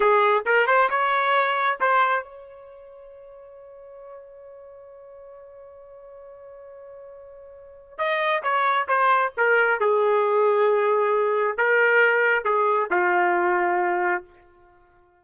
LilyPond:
\new Staff \with { instrumentName = "trumpet" } { \time 4/4 \tempo 4 = 135 gis'4 ais'8 c''8 cis''2 | c''4 cis''2.~ | cis''1~ | cis''1~ |
cis''2 dis''4 cis''4 | c''4 ais'4 gis'2~ | gis'2 ais'2 | gis'4 f'2. | }